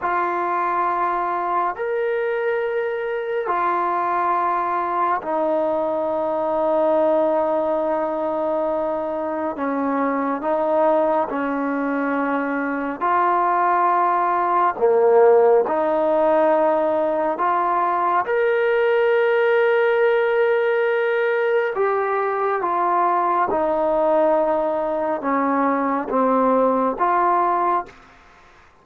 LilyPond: \new Staff \with { instrumentName = "trombone" } { \time 4/4 \tempo 4 = 69 f'2 ais'2 | f'2 dis'2~ | dis'2. cis'4 | dis'4 cis'2 f'4~ |
f'4 ais4 dis'2 | f'4 ais'2.~ | ais'4 g'4 f'4 dis'4~ | dis'4 cis'4 c'4 f'4 | }